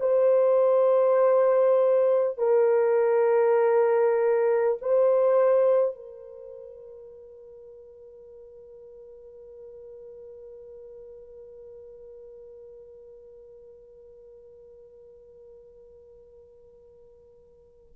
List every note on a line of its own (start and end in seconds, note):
0.00 2.38 C5
2.38 4.78 A#4
4.82 5.96 C5
5.96 17.96 A#4